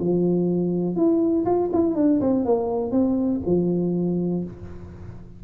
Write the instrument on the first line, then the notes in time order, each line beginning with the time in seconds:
tuba
0.00 F3
0.96 E4
1.46 F4
1.73 E4
1.96 D4
2.21 C4
2.45 A#3
2.92 C4
3.46 F3